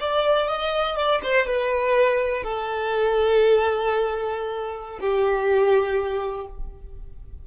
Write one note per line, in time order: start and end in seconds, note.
0.00 0.47 D5
0.47 0.96 D#5
0.96 1.21 D5
1.23 1.46 C5
1.46 2.43 B4
2.43 4.99 A4
5.00 6.46 G4